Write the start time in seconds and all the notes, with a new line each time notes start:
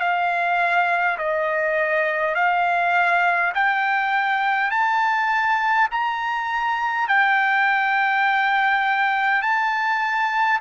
0.00 F5
1.18 D#5
2.35 F5
3.55 G5
4.71 A5
5.91 A#5
7.08 G5
9.42 A5